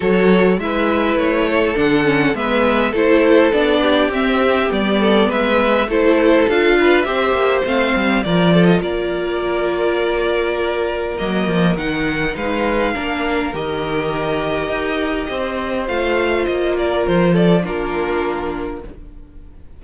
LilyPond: <<
  \new Staff \with { instrumentName = "violin" } { \time 4/4 \tempo 4 = 102 cis''4 e''4 cis''4 fis''4 | e''4 c''4 d''4 e''4 | d''4 e''4 c''4 f''4 | e''4 f''4 d''8. dis''16 d''4~ |
d''2. dis''4 | fis''4 f''2 dis''4~ | dis''2. f''4 | dis''8 d''8 c''8 d''8 ais'2 | }
  \new Staff \with { instrumentName = "violin" } { \time 4/4 a'4 b'4. a'4. | b'4 a'4. g'4.~ | g'8 a'8 b'4 a'4. b'8 | c''2 ais'8 a'8 ais'4~ |
ais'1~ | ais'4 b'4 ais'2~ | ais'2 c''2~ | c''8 ais'4 a'8 f'2 | }
  \new Staff \with { instrumentName = "viola" } { \time 4/4 fis'4 e'2 d'8 cis'8 | b4 e'4 d'4 c'4 | b2 e'4 f'4 | g'4 c'4 f'2~ |
f'2. ais4 | dis'2 d'4 g'4~ | g'2. f'4~ | f'2 d'2 | }
  \new Staff \with { instrumentName = "cello" } { \time 4/4 fis4 gis4 a4 d4 | gis4 a4 b4 c'4 | g4 gis4 a4 d'4 | c'8 ais8 a8 g8 f4 ais4~ |
ais2. fis8 f8 | dis4 gis4 ais4 dis4~ | dis4 dis'4 c'4 a4 | ais4 f4 ais2 | }
>>